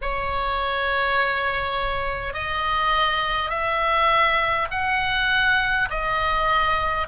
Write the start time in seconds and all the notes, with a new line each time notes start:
0.01 C#5
2.33 D#5
3.50 E5
4.71 F#5
5.89 D#5